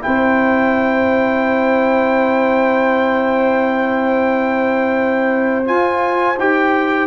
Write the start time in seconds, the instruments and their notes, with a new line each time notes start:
0.00 trombone E4, trumpet G5
0.07 tuba C4, horn C5
5.65 trombone F4, tuba F4, trumpet G#5
6.38 tuba D#4, trombone G4, trumpet G5